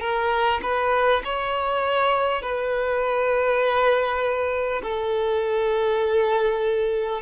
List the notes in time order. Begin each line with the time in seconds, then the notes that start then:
0.00 A#4
0.62 B4
1.24 C#5
2.42 B4
4.82 A4